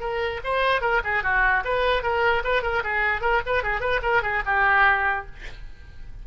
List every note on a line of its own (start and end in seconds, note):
0.00 0.40 A#4
0.44 0.81 C5
0.81 1.01 A#4
1.04 1.23 G#4
1.23 1.63 F#4
1.64 2.03 B4
2.03 2.43 A#4
2.44 2.62 B4
2.62 2.83 A#4
2.84 3.21 G#4
3.21 3.41 A#4
3.46 3.63 B4
3.63 3.80 G#4
3.80 4.00 B4
4.02 4.22 A#4
4.22 4.43 G#4
4.46 5.26 G4